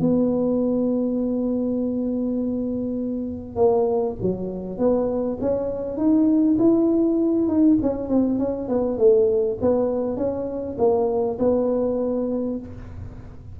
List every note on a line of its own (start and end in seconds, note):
0.00 3.55 B3
3.55 4.15 A#3
4.22 4.78 F#3
4.78 5.38 B3
5.41 5.97 C#4
5.97 6.57 D#4
6.58 7.48 E4
7.48 7.78 D#4
7.82 8.09 C#4
8.09 8.39 C4
8.39 8.68 C#4
8.68 8.98 B3
8.98 9.58 A3
9.61 10.17 B3
10.17 10.77 C#4
10.78 11.38 A#3
11.39 12.59 B3